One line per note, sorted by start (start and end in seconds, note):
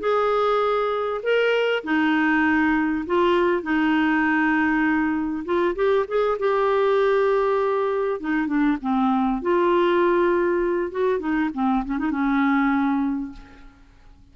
0.00 1.21 G#4
1.23 1.84 A#4
1.84 3.05 D#4
3.06 3.63 F4
3.63 5.45 D#4
5.45 5.75 F4
5.75 6.06 G4
6.08 6.38 G#4
6.39 8.20 G4
8.20 8.47 D#4
8.47 8.78 D4
8.82 9.42 C4
9.42 10.91 F4
10.91 11.20 F#4
11.20 11.50 D#4
11.54 11.84 C4
11.85 11.99 C#4
11.99 12.11 D#4
12.11 13.32 C#4